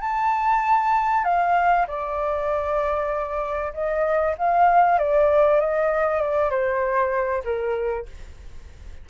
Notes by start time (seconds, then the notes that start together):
0.00 A5
1.24 F5
1.87 D5
3.73 D#5
4.37 F5
4.98 D5
5.60 D#5
6.21 D5
6.50 C5
7.44 A#4